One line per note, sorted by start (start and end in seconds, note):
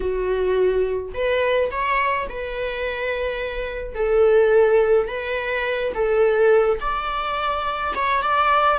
0.00 1.12 F#4
1.13 1.70 B4
1.71 2.27 C#5
2.29 3.94 B4
3.94 5.07 A4
5.07 5.92 B4
5.94 6.79 A4
6.80 7.93 D5
7.95 8.22 C#5
8.22 8.79 D5